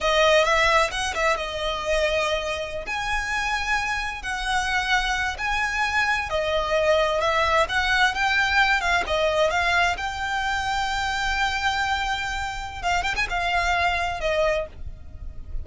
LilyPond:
\new Staff \with { instrumentName = "violin" } { \time 4/4 \tempo 4 = 131 dis''4 e''4 fis''8 e''8 dis''4~ | dis''2~ dis''16 gis''4.~ gis''16~ | gis''4~ gis''16 fis''2~ fis''8 gis''16~ | gis''4.~ gis''16 dis''2 e''16~ |
e''8. fis''4 g''4. f''8 dis''16~ | dis''8. f''4 g''2~ g''16~ | g''1 | f''8 g''16 gis''16 f''2 dis''4 | }